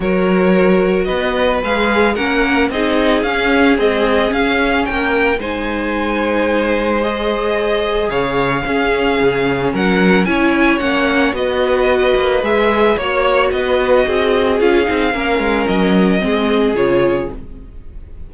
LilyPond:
<<
  \new Staff \with { instrumentName = "violin" } { \time 4/4 \tempo 4 = 111 cis''2 dis''4 f''4 | fis''4 dis''4 f''4 dis''4 | f''4 g''4 gis''2~ | gis''4 dis''2 f''4~ |
f''2 fis''4 gis''4 | fis''4 dis''2 e''4 | cis''4 dis''2 f''4~ | f''4 dis''2 cis''4 | }
  \new Staff \with { instrumentName = "violin" } { \time 4/4 ais'2 b'2 | ais'4 gis'2.~ | gis'4 ais'4 c''2~ | c''2. cis''4 |
gis'2 ais'4 cis''4~ | cis''4 b'2. | cis''4 b'4 gis'2 | ais'2 gis'2 | }
  \new Staff \with { instrumentName = "viola" } { \time 4/4 fis'2. gis'4 | cis'4 dis'4 cis'4 gis4 | cis'2 dis'2~ | dis'4 gis'2. |
cis'2. e'4 | cis'4 fis'2 gis'4 | fis'2. f'8 dis'8 | cis'2 c'4 f'4 | }
  \new Staff \with { instrumentName = "cello" } { \time 4/4 fis2 b4 gis4 | ais4 c'4 cis'4 c'4 | cis'4 ais4 gis2~ | gis2. cis4 |
cis'4 cis4 fis4 cis'4 | ais4 b4. ais8 gis4 | ais4 b4 c'4 cis'8 c'8 | ais8 gis8 fis4 gis4 cis4 | }
>>